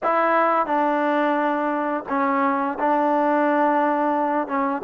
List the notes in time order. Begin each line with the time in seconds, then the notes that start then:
0.03 E4
0.66 D4
2.08 C#4
2.79 D4
4.47 C#4